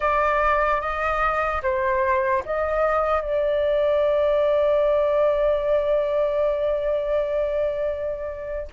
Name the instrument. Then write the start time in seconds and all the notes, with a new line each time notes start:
flute
0.00 D5
0.80 D#5
1.62 C5
2.45 D#5
3.21 D5